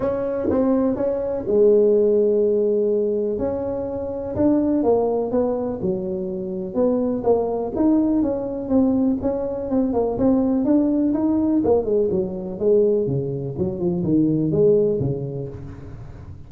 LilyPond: \new Staff \with { instrumentName = "tuba" } { \time 4/4 \tempo 4 = 124 cis'4 c'4 cis'4 gis4~ | gis2. cis'4~ | cis'4 d'4 ais4 b4 | fis2 b4 ais4 |
dis'4 cis'4 c'4 cis'4 | c'8 ais8 c'4 d'4 dis'4 | ais8 gis8 fis4 gis4 cis4 | fis8 f8 dis4 gis4 cis4 | }